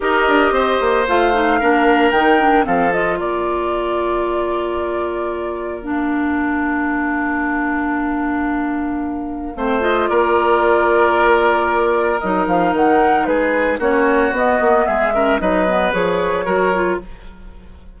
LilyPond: <<
  \new Staff \with { instrumentName = "flute" } { \time 4/4 \tempo 4 = 113 dis''2 f''2 | g''4 f''8 dis''8 d''2~ | d''2. f''4~ | f''1~ |
f''2~ f''8 dis''8 d''4~ | d''2. dis''8 f''8 | fis''4 b'4 cis''4 dis''4 | e''4 dis''4 cis''2 | }
  \new Staff \with { instrumentName = "oboe" } { \time 4/4 ais'4 c''2 ais'4~ | ais'4 a'4 ais'2~ | ais'1~ | ais'1~ |
ais'2 c''4 ais'4~ | ais'1~ | ais'4 gis'4 fis'2 | gis'8 ais'8 b'2 ais'4 | }
  \new Staff \with { instrumentName = "clarinet" } { \time 4/4 g'2 f'8 dis'8 d'4 | dis'8 d'8 c'8 f'2~ f'8~ | f'2. d'4~ | d'1~ |
d'2 c'8 f'4.~ | f'2. dis'4~ | dis'2 cis'4 b4~ | b8 cis'8 dis'8 b8 gis'4 fis'8 f'8 | }
  \new Staff \with { instrumentName = "bassoon" } { \time 4/4 dis'8 d'8 c'8 ais8 a4 ais4 | dis4 f4 ais2~ | ais1~ | ais1~ |
ais2 a4 ais4~ | ais2. fis8 f8 | dis4 gis4 ais4 b8 ais8 | gis4 fis4 f4 fis4 | }
>>